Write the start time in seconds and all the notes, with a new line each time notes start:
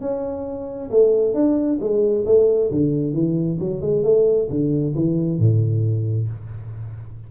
0.00 C#4
0.90 A3
1.34 D4
1.80 G#3
2.25 A3
2.70 D3
3.13 E3
3.59 F#3
3.81 G#3
4.03 A3
4.49 D3
4.95 E3
5.38 A2